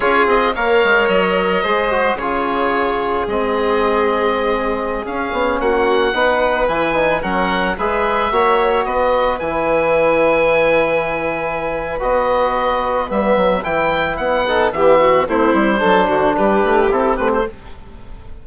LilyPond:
<<
  \new Staff \with { instrumentName = "oboe" } { \time 4/4 \tempo 4 = 110 cis''8 dis''8 f''4 dis''2 | cis''2 dis''2~ | dis''4~ dis''16 f''4 fis''4.~ fis''16~ | fis''16 gis''4 fis''4 e''4.~ e''16~ |
e''16 dis''4 gis''2~ gis''8.~ | gis''2 dis''2 | e''4 g''4 fis''4 e''4 | c''2 b'4 a'8 b'16 c''16 | }
  \new Staff \with { instrumentName = "violin" } { \time 4/4 gis'4 cis''2 c''4 | gis'1~ | gis'2~ gis'16 fis'4 b'8.~ | b'4~ b'16 ais'4 b'4 cis''8.~ |
cis''16 b'2.~ b'8.~ | b'1~ | b'2~ b'8 a'8 g'8 fis'8 | e'4 a'8 fis'8 g'2 | }
  \new Staff \with { instrumentName = "trombone" } { \time 4/4 f'4 ais'2 gis'8 fis'8 | f'2 c'2~ | c'4~ c'16 cis'2 dis'8.~ | dis'16 e'8 dis'8 cis'4 gis'4 fis'8.~ |
fis'4~ fis'16 e'2~ e'8.~ | e'2 fis'2 | b4 e'4. dis'8 b4 | c'4 d'2 e'8 c'8 | }
  \new Staff \with { instrumentName = "bassoon" } { \time 4/4 cis'8 c'8 ais8 gis8 fis4 gis4 | cis2 gis2~ | gis4~ gis16 cis'8 b8 ais4 b8.~ | b16 e4 fis4 gis4 ais8.~ |
ais16 b4 e2~ e8.~ | e2 b2 | g8 fis8 e4 b4 e4 | a8 g8 fis8 d8 g8 a8 c'8 a8 | }
>>